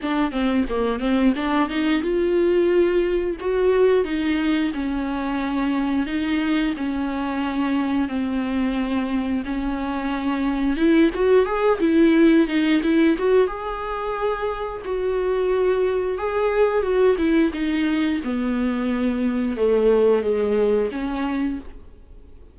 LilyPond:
\new Staff \with { instrumentName = "viola" } { \time 4/4 \tempo 4 = 89 d'8 c'8 ais8 c'8 d'8 dis'8 f'4~ | f'4 fis'4 dis'4 cis'4~ | cis'4 dis'4 cis'2 | c'2 cis'2 |
e'8 fis'8 gis'8 e'4 dis'8 e'8 fis'8 | gis'2 fis'2 | gis'4 fis'8 e'8 dis'4 b4~ | b4 a4 gis4 cis'4 | }